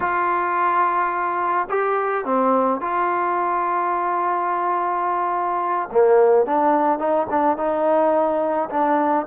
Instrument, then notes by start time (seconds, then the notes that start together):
trombone
0.00 F4
1.69 G4
2.25 C4
2.80 F4
5.91 A#3
6.46 D4
6.98 D#4
7.30 D4
7.57 D#4
8.70 D4